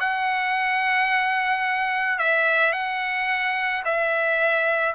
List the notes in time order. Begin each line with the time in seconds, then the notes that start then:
0.00 F#5
2.19 E5
2.73 F#5
3.85 E5